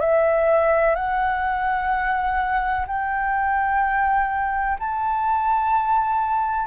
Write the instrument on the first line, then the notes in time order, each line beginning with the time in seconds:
flute
0.00 E5
0.95 F#5
2.87 G5
4.79 A5